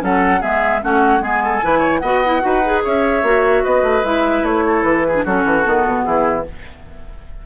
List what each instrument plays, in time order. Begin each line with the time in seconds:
0.00 bassoon F#3, clarinet C#4, oboe A4, flute F#5
0.40 bassoon G#3, clarinet B3, oboe G#4, flute E5
0.82 bassoon A3, clarinet C#4, oboe F#4, flute F#5
1.20 bassoon G#3, clarinet B3, oboe G#4, flute G#5
1.44 oboe A4
1.62 bassoon E3, clarinet E4, oboe B4
1.78 oboe C#5
1.98 bassoon B3, clarinet F#4, oboe D#5, flute F#5
2.25 clarinet E4
2.41 bassoon D#4, clarinet F#4, oboe B4
2.64 clarinet G#4
2.83 bassoon C#4, oboe C#5, flute E5
3.22 bassoon A#3, clarinet F#4
3.63 bassoon B3, oboe B4, flute D#5
3.82 bassoon A3
4.04 bassoon G#3, clarinet E4, flute E5
4.42 bassoon A3, flute C#5
4.66 oboe A4
4.82 bassoon E3, flute B4
5.07 oboe G#4
5.14 clarinet D4
5.24 bassoon F#3, clarinet C#4, oboe F#4, flute A4
5.44 bassoon E3
5.64 bassoon D#3, clarinet B3
5.86 bassoon B2
6.03 bassoon E3, oboe E4, flute G#4